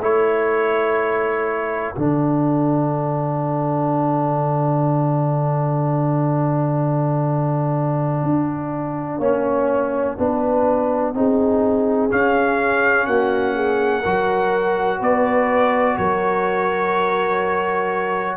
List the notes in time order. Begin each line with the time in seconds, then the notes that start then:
0.00 A3 E4 A4 C#5
1.96 D3 D4 F#5
8.23 D4
9.18 A#3 C#4 C#5
10.18 B3 D4 B4
11.14 C4 D#4 G#4
12.10 C#4 F5
13.07 A#3 F#4 F#5
13.55 G#4
14.01 F#3 F#4 A#4
14.99 B3 B4 D5
15.97 F#3 A#4 C#5